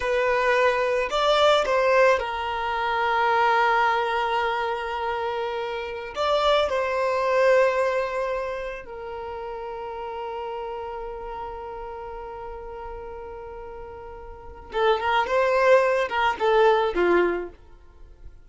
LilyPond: \new Staff \with { instrumentName = "violin" } { \time 4/4 \tempo 4 = 110 b'2 d''4 c''4 | ais'1~ | ais'2.~ ais'16 d''8.~ | d''16 c''2.~ c''8.~ |
c''16 ais'2.~ ais'8.~ | ais'1~ | ais'2. a'8 ais'8 | c''4. ais'8 a'4 f'4 | }